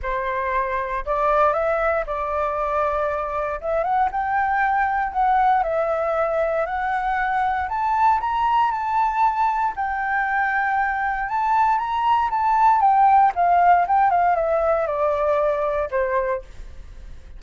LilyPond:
\new Staff \with { instrumentName = "flute" } { \time 4/4 \tempo 4 = 117 c''2 d''4 e''4 | d''2. e''8 fis''8 | g''2 fis''4 e''4~ | e''4 fis''2 a''4 |
ais''4 a''2 g''4~ | g''2 a''4 ais''4 | a''4 g''4 f''4 g''8 f''8 | e''4 d''2 c''4 | }